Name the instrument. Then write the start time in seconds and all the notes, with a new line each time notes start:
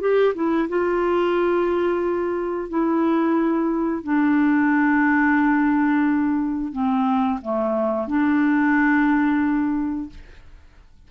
clarinet
0.00 G4
0.34 E4
0.69 F4
2.69 E4
4.03 D4
6.72 C4
7.42 A3
8.07 D4